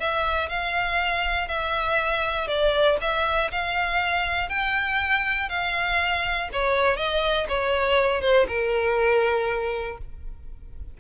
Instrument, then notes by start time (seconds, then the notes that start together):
violin
0.00 E5
0.50 F5
1.48 E5
2.48 D5
3.02 E5
3.52 F5
4.50 G5
5.49 F5
6.53 C#5
6.97 D#5
7.49 C#5
8.22 C5
8.48 A#4